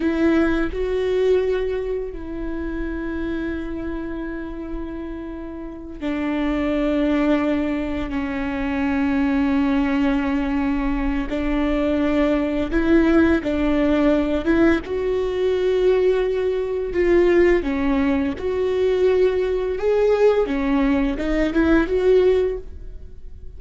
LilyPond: \new Staff \with { instrumentName = "viola" } { \time 4/4 \tempo 4 = 85 e'4 fis'2 e'4~ | e'1~ | e'8 d'2. cis'8~ | cis'1 |
d'2 e'4 d'4~ | d'8 e'8 fis'2. | f'4 cis'4 fis'2 | gis'4 cis'4 dis'8 e'8 fis'4 | }